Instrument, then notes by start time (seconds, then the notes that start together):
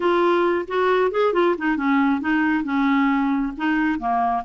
clarinet
0.00 F4
0.67 F#4
1.11 G#4
1.33 F4
1.58 D#4
1.77 C#4
2.21 D#4
2.64 C#4
3.57 D#4
3.99 A#3